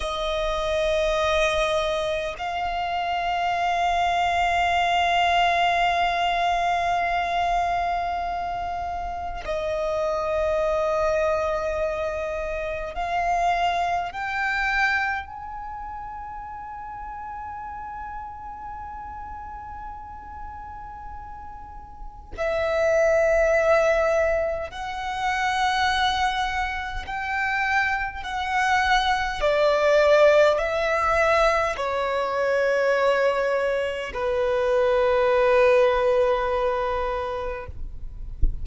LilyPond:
\new Staff \with { instrumentName = "violin" } { \time 4/4 \tempo 4 = 51 dis''2 f''2~ | f''1 | dis''2. f''4 | g''4 gis''2.~ |
gis''2. e''4~ | e''4 fis''2 g''4 | fis''4 d''4 e''4 cis''4~ | cis''4 b'2. | }